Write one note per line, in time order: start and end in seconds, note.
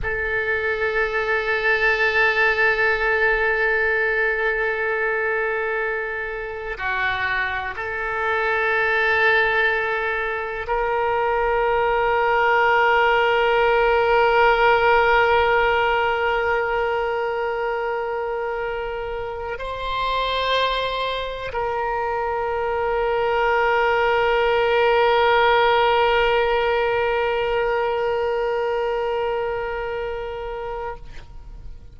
0.02 6.77 A4
6.77 7.74 F#4
7.76 10.66 A4
10.67 19.58 A#4
19.58 21.51 C5
21.52 30.96 A#4